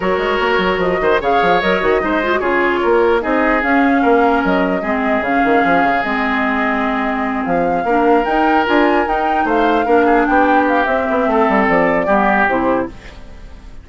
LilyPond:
<<
  \new Staff \with { instrumentName = "flute" } { \time 4/4 \tempo 4 = 149 cis''2 dis''4 f''4 | dis''2 cis''2 | dis''4 f''2 dis''4~ | dis''4 f''2 dis''4~ |
dis''2~ dis''8 f''4.~ | f''8 g''4 gis''4 g''4 f''8~ | f''4. g''4 f''8 e''4~ | e''4 d''2 c''4 | }
  \new Staff \with { instrumentName = "oboe" } { \time 4/4 ais'2~ ais'8 c''8 cis''4~ | cis''4 c''4 gis'4 ais'4 | gis'2 ais'2 | gis'1~ |
gis'2.~ gis'8 ais'8~ | ais'2.~ ais'8 c''8~ | c''8 ais'8 gis'8 g'2~ g'8 | a'2 g'2 | }
  \new Staff \with { instrumentName = "clarinet" } { \time 4/4 fis'2. gis'4 | ais'8 fis'8 dis'8 f'16 fis'16 f'2 | dis'4 cis'2. | c'4 cis'2 c'4~ |
c'2.~ c'8 d'8~ | d'8 dis'4 f'4 dis'4.~ | dis'8 d'2~ d'8 c'4~ | c'2 b4 e'4 | }
  \new Staff \with { instrumentName = "bassoon" } { \time 4/4 fis8 gis8 ais8 fis8 f8 dis8 cis8 f8 | fis8 dis8 gis4 cis4 ais4 | c'4 cis'4 ais4 fis4 | gis4 cis8 dis8 f8 cis8 gis4~ |
gis2~ gis8 f4 ais8~ | ais8 dis'4 d'4 dis'4 a8~ | a8 ais4 b4. c'8 b8 | a8 g8 f4 g4 c4 | }
>>